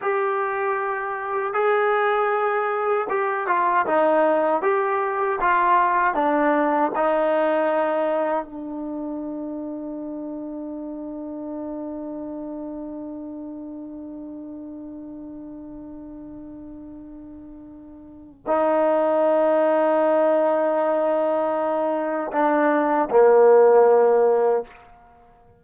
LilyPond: \new Staff \with { instrumentName = "trombone" } { \time 4/4 \tempo 4 = 78 g'2 gis'2 | g'8 f'8 dis'4 g'4 f'4 | d'4 dis'2 d'4~ | d'1~ |
d'1~ | d'1 | dis'1~ | dis'4 d'4 ais2 | }